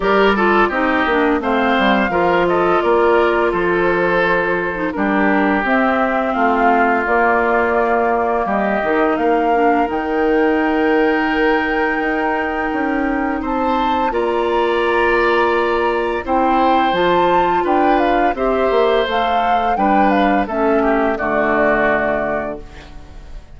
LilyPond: <<
  \new Staff \with { instrumentName = "flute" } { \time 4/4 \tempo 4 = 85 d''4 dis''4 f''4. dis''8 | d''4 c''2 ais'4 | e''4 f''4 d''2 | dis''4 f''4 g''2~ |
g''2. a''4 | ais''2. g''4 | a''4 g''8 f''8 e''4 f''4 | g''8 f''8 e''4 d''2 | }
  \new Staff \with { instrumentName = "oboe" } { \time 4/4 ais'8 a'8 g'4 c''4 ais'8 a'8 | ais'4 a'2 g'4~ | g'4 f'2. | g'4 ais'2.~ |
ais'2. c''4 | d''2. c''4~ | c''4 b'4 c''2 | b'4 a'8 g'8 fis'2 | }
  \new Staff \with { instrumentName = "clarinet" } { \time 4/4 g'8 f'8 dis'8 d'8 c'4 f'4~ | f'2~ f'8. dis'16 d'4 | c'2 ais2~ | ais8 dis'4 d'8 dis'2~ |
dis'1 | f'2. e'4 | f'2 g'4 a'4 | d'4 cis'4 a2 | }
  \new Staff \with { instrumentName = "bassoon" } { \time 4/4 g4 c'8 ais8 a8 g8 f4 | ais4 f2 g4 | c'4 a4 ais2 | g8 dis8 ais4 dis2~ |
dis4 dis'4 cis'4 c'4 | ais2. c'4 | f4 d'4 c'8 ais8 a4 | g4 a4 d2 | }
>>